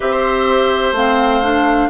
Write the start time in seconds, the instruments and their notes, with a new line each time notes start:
0.00 bassoon C4, clarinet G4, oboe C5, flute E5
0.91 bassoon A3, clarinet C4, flute F5
1.42 clarinet D4